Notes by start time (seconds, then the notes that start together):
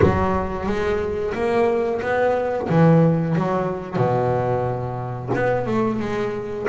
0.02 F#3
0.66 G#3
1.34 A#3
2.01 B3
2.68 E3
3.35 F#3
3.96 B2
5.34 B3
5.66 A3
5.99 G#3